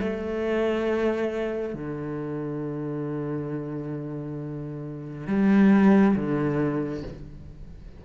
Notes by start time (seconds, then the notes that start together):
0.00 A3
1.74 D3
5.27 G3
6.16 D3